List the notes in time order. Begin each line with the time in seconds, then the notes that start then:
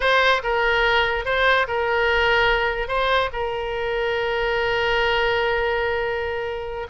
0.00 C5
0.43 A#4
1.25 C5
1.67 A#4
2.88 C5
3.33 A#4